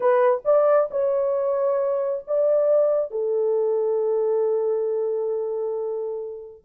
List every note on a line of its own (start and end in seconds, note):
0.00 0.41 B4
0.44 0.89 D5
0.90 2.24 C#5
2.27 3.11 D5
3.11 6.64 A4